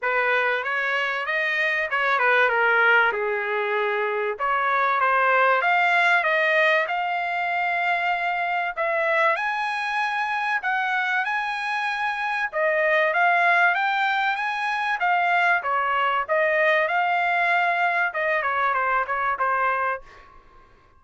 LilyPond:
\new Staff \with { instrumentName = "trumpet" } { \time 4/4 \tempo 4 = 96 b'4 cis''4 dis''4 cis''8 b'8 | ais'4 gis'2 cis''4 | c''4 f''4 dis''4 f''4~ | f''2 e''4 gis''4~ |
gis''4 fis''4 gis''2 | dis''4 f''4 g''4 gis''4 | f''4 cis''4 dis''4 f''4~ | f''4 dis''8 cis''8 c''8 cis''8 c''4 | }